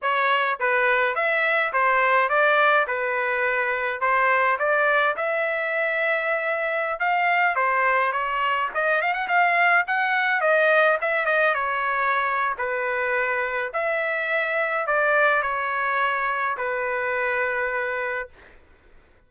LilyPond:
\new Staff \with { instrumentName = "trumpet" } { \time 4/4 \tempo 4 = 105 cis''4 b'4 e''4 c''4 | d''4 b'2 c''4 | d''4 e''2.~ | e''16 f''4 c''4 cis''4 dis''8 f''16 |
fis''16 f''4 fis''4 dis''4 e''8 dis''16~ | dis''16 cis''4.~ cis''16 b'2 | e''2 d''4 cis''4~ | cis''4 b'2. | }